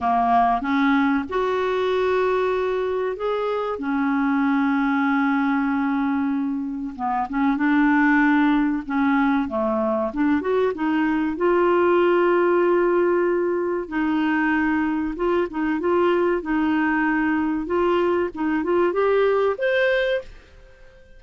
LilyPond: \new Staff \with { instrumentName = "clarinet" } { \time 4/4 \tempo 4 = 95 ais4 cis'4 fis'2~ | fis'4 gis'4 cis'2~ | cis'2. b8 cis'8 | d'2 cis'4 a4 |
d'8 fis'8 dis'4 f'2~ | f'2 dis'2 | f'8 dis'8 f'4 dis'2 | f'4 dis'8 f'8 g'4 c''4 | }